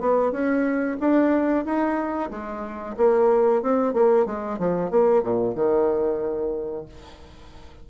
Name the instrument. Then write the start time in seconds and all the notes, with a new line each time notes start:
bassoon
0.00 B3
0.31 C#4
1.00 D4
1.65 D#4
2.30 G#3
2.97 A#3
3.62 C4
3.93 A#3
4.25 G#3
4.58 F3
4.90 A#3
5.23 A#2
5.55 D#3